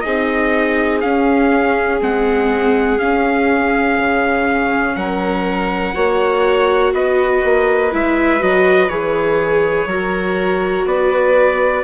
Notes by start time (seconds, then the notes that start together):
0.00 C4 D#4 G#4 D#5
1.01 C#4 F5
2.00 G#3 C4 F#5
2.99 C#4 F5
3.98 C#3
4.95 F#3 A#4 F#5
5.94 A#3 F#4 C#5
6.93 B3 B4 D#5
7.44 A#3
7.91 G#3 E4 E5
8.39 F#3 F#4 D#5
8.89 E3 G#4 C#5
9.86 F#3 F#4 A#4
10.85 B3 B4 D5